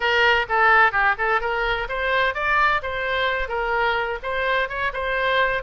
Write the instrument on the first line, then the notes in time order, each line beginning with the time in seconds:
oboe
0.00 A#4
0.49 A4
0.91 G4
1.17 A4
1.40 A#4
1.89 C5
2.34 D5
2.82 C5
3.48 A#4
4.23 C5
4.68 C#5
4.93 C5